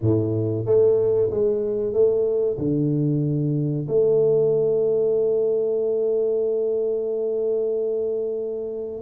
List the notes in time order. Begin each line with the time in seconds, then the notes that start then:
0.01 A2
0.65 A3
1.30 G#3
1.93 A3
2.58 D3
3.87 A3